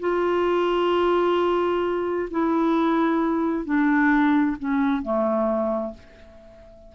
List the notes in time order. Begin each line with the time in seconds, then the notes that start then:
0.00 F4
2.31 E4
3.65 D4
4.59 C#4
5.02 A3